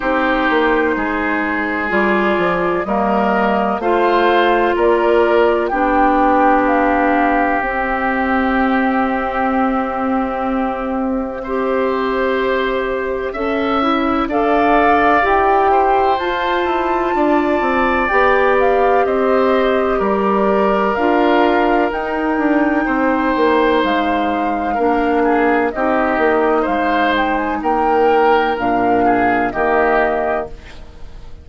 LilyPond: <<
  \new Staff \with { instrumentName = "flute" } { \time 4/4 \tempo 4 = 63 c''2 d''4 dis''4 | f''4 d''4 g''4 f''4 | e''1~ | e''2. f''4 |
g''4 a''2 g''8 f''8 | dis''4 d''4 f''4 g''4~ | g''4 f''2 dis''4 | f''8 g''16 gis''16 g''4 f''4 dis''4 | }
  \new Staff \with { instrumentName = "oboe" } { \time 4/4 g'4 gis'2 ais'4 | c''4 ais'4 g'2~ | g'1 | c''2 e''4 d''4~ |
d''8 c''4. d''2 | c''4 ais'2. | c''2 ais'8 gis'8 g'4 | c''4 ais'4. gis'8 g'4 | }
  \new Staff \with { instrumentName = "clarinet" } { \time 4/4 dis'2 f'4 ais4 | f'2 d'2 | c'1 | g'2 a'8 e'8 a'4 |
g'4 f'2 g'4~ | g'2 f'4 dis'4~ | dis'2 d'4 dis'4~ | dis'2 d'4 ais4 | }
  \new Staff \with { instrumentName = "bassoon" } { \time 4/4 c'8 ais8 gis4 g8 f8 g4 | a4 ais4 b2 | c'1~ | c'2 cis'4 d'4 |
e'4 f'8 e'8 d'8 c'8 b4 | c'4 g4 d'4 dis'8 d'8 | c'8 ais8 gis4 ais4 c'8 ais8 | gis4 ais4 ais,4 dis4 | }
>>